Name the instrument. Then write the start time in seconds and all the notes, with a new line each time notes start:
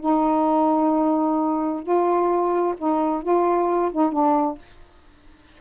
saxophone
0.00 D#4
1.83 F4
2.78 D#4
3.23 F4
3.92 D#4
4.13 D4